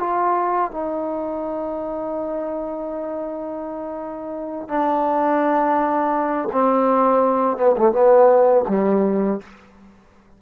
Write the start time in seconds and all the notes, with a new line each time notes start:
0.00 F4
0.72 D#4
4.69 D4
6.53 C4
7.58 B3
7.78 A3
7.93 B3
8.69 G3